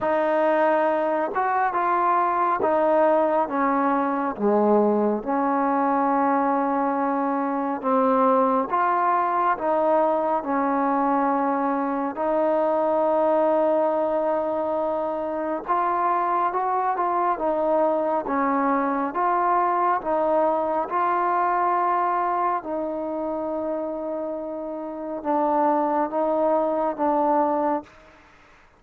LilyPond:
\new Staff \with { instrumentName = "trombone" } { \time 4/4 \tempo 4 = 69 dis'4. fis'8 f'4 dis'4 | cis'4 gis4 cis'2~ | cis'4 c'4 f'4 dis'4 | cis'2 dis'2~ |
dis'2 f'4 fis'8 f'8 | dis'4 cis'4 f'4 dis'4 | f'2 dis'2~ | dis'4 d'4 dis'4 d'4 | }